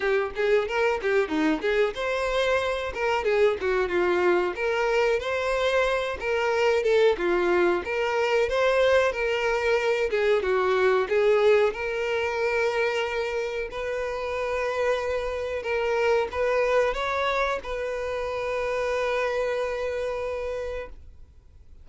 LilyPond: \new Staff \with { instrumentName = "violin" } { \time 4/4 \tempo 4 = 92 g'8 gis'8 ais'8 g'8 dis'8 gis'8 c''4~ | c''8 ais'8 gis'8 fis'8 f'4 ais'4 | c''4. ais'4 a'8 f'4 | ais'4 c''4 ais'4. gis'8 |
fis'4 gis'4 ais'2~ | ais'4 b'2. | ais'4 b'4 cis''4 b'4~ | b'1 | }